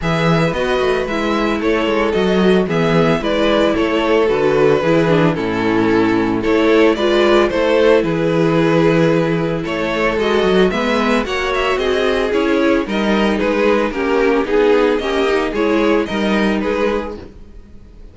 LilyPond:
<<
  \new Staff \with { instrumentName = "violin" } { \time 4/4 \tempo 4 = 112 e''4 dis''4 e''4 cis''4 | dis''4 e''4 d''4 cis''4 | b'2 a'2 | cis''4 d''4 c''4 b'4~ |
b'2 cis''4 dis''4 | e''4 fis''8 e''8 dis''4 cis''4 | dis''4 b'4 ais'4 gis'4 | dis''4 cis''4 dis''4 b'4 | }
  \new Staff \with { instrumentName = "violin" } { \time 4/4 b'2. a'4~ | a'4 gis'4 b'4 a'4~ | a'4 gis'4 e'2 | a'4 b'4 a'4 gis'4~ |
gis'2 a'2 | b'4 cis''4 gis'2 | ais'4 gis'4 g'4 gis'4 | g'4 gis'4 ais'4 gis'4 | }
  \new Staff \with { instrumentName = "viola" } { \time 4/4 gis'4 fis'4 e'2 | fis'4 b4 e'2 | fis'4 e'8 d'8 cis'2 | e'4 f'4 e'2~ |
e'2. fis'4 | b4 fis'2 e'4 | dis'2 cis'4 dis'4 | cis'8 dis'8 e'4 dis'2 | }
  \new Staff \with { instrumentName = "cello" } { \time 4/4 e4 b8 a8 gis4 a8 gis8 | fis4 e4 gis4 a4 | d4 e4 a,2 | a4 gis4 a4 e4~ |
e2 a4 gis8 fis8 | gis4 ais4 c'4 cis'4 | g4 gis4 ais4 b4 | ais4 gis4 g4 gis4 | }
>>